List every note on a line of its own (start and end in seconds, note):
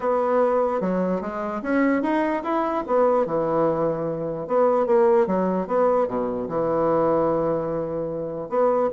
0.00 0.81 B3
0.81 1.21 F#3
1.21 1.61 G#3
1.62 2.02 C#4
2.02 2.43 D#4
2.43 2.83 E4
2.86 3.25 B3
3.25 4.47 E3
4.47 4.86 B3
4.86 5.26 A#3
5.26 5.67 F#3
5.67 6.07 B3
6.07 6.48 B2
6.48 8.49 E3
8.49 8.89 B3